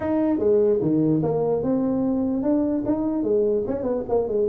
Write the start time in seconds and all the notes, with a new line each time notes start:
0.00 D#4
0.39 G#3
0.81 D#3
1.23 A#3
1.62 C4
2.43 D4
2.85 D#4
3.23 G#3
3.67 C#4
3.82 B3
4.08 A#3
4.28 G#3